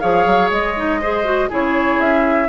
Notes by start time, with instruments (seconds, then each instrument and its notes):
0.00 bassoon F3, clarinet G#4, oboe C#5, flute F5
0.26 bassoon F#3
0.51 bassoon G#3, flute D#5
0.76 clarinet D#4
1.01 clarinet G#4, oboe C5
1.25 clarinet F#4
1.50 bassoon C#3, clarinet E4, oboe G#4, flute C#5
1.99 bassoon C#4, flute E5